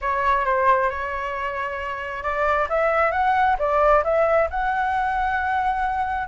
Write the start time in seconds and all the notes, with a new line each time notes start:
0.01 C#5
0.45 C5
0.90 C#5
2.23 D5
2.69 E5
3.11 F#5
3.58 D5
4.04 E5
4.50 F#5